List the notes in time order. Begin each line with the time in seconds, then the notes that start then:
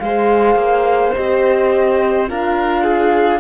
0.00 G#3 G#4 C5 F5
0.55 A#3
1.14 C4 G4 D#5
2.28 D4 F4 A#4 F5
2.84 G#4